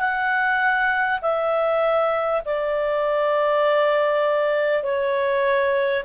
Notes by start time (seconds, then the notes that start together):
0.00 F#5
1.22 E5
2.45 D5
4.84 C#5